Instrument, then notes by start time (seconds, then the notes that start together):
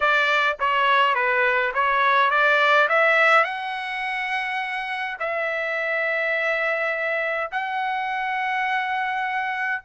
trumpet
0.00 D5
0.59 C#5
1.14 B4
1.74 C#5
2.30 D5
2.88 E5
3.44 F#5
5.19 E5
7.51 F#5